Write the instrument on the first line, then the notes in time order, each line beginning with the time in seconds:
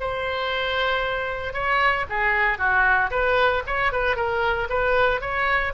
oboe
0.00 C5
1.53 C#5
2.09 G#4
2.58 F#4
3.10 B4
3.66 C#5
3.92 B4
4.16 A#4
4.69 B4
5.21 C#5